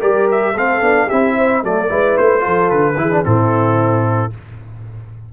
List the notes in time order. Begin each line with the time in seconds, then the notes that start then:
0.00 G3 G4 A#4 D5
0.31 E5
0.53 A3 C4 A4 F5
0.81 B3 D4
1.06 C4 E4 G4 E5
1.37 C5
1.63 F#3 A3 A4 D5
1.89 G#3 E4 B4
2.17 A3 C5
2.40 F3 F4 A4
2.70 D3 B4
2.97 E3 E4 G#4
3.11 D4
3.24 A2 C4 E4 A4